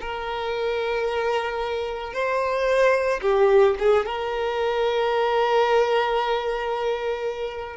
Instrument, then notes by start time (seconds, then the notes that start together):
violin
0.00 A#4
2.13 C5
3.21 G4
3.79 G#4
4.05 A#4